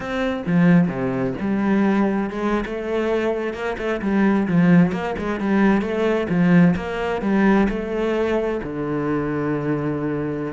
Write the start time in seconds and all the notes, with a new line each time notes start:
0.00 C4
0.46 F3
0.87 C3
1.40 G3
2.30 G#3
2.65 A3
3.53 A#3
3.78 A3
4.01 G3
4.47 F3
4.92 A#3
5.18 G#3
5.40 G3
5.81 A3
6.29 F3
6.76 A#3
7.21 G3
7.69 A3
8.63 D3